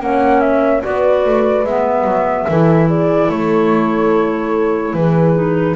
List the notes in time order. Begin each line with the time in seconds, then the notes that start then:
0.00 A#3 C#4 C#5 F#5
0.40 E5
0.81 B3 F#4 B4 D5
1.25 A3
1.64 G#3 B3 E5
2.03 F#3
2.48 E3 E4 A4
2.87 G#4 D5
3.29 A3 A4 C#5
4.93 E3 G#4 B4
5.34 D#4